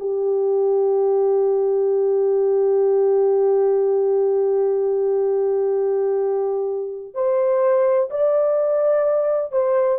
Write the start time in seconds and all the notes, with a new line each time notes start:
0.00 G4
7.15 C5
8.11 D5
9.52 C5